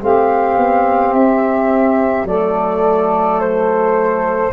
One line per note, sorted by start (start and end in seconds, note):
0.00 0.57 A3
0.00 2.26 C4
0.00 2.27 G4
0.00 1.13 F5
0.57 1.13 B3
1.13 2.24 C4
1.13 2.27 E5
2.24 4.51 F#3
2.24 4.52 A3
2.24 4.53 A4
2.24 3.40 D5
3.40 4.53 C5